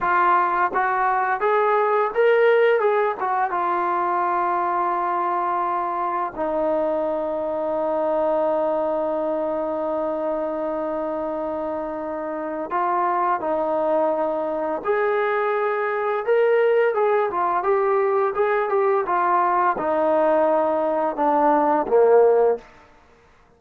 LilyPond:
\new Staff \with { instrumentName = "trombone" } { \time 4/4 \tempo 4 = 85 f'4 fis'4 gis'4 ais'4 | gis'8 fis'8 f'2.~ | f'4 dis'2.~ | dis'1~ |
dis'2 f'4 dis'4~ | dis'4 gis'2 ais'4 | gis'8 f'8 g'4 gis'8 g'8 f'4 | dis'2 d'4 ais4 | }